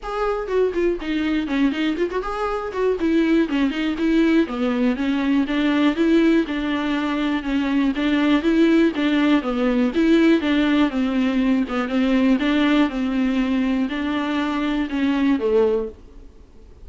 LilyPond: \new Staff \with { instrumentName = "viola" } { \time 4/4 \tempo 4 = 121 gis'4 fis'8 f'8 dis'4 cis'8 dis'8 | f'16 fis'16 gis'4 fis'8 e'4 cis'8 dis'8 | e'4 b4 cis'4 d'4 | e'4 d'2 cis'4 |
d'4 e'4 d'4 b4 | e'4 d'4 c'4. b8 | c'4 d'4 c'2 | d'2 cis'4 a4 | }